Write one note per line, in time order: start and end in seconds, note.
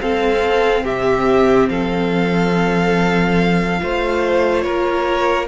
0.00 3.79 C4
0.00 0.84 C4
0.00 0.84 A4
0.00 0.85 F5
0.84 1.69 C3
0.84 1.69 G4
0.84 1.69 E5
1.69 3.80 F3
1.69 3.81 A4
1.69 4.61 F5
3.79 4.65 A3
3.79 5.48 F4
3.79 4.65 C5
4.61 5.48 A#3
4.61 5.48 A#4
4.61 5.46 C#5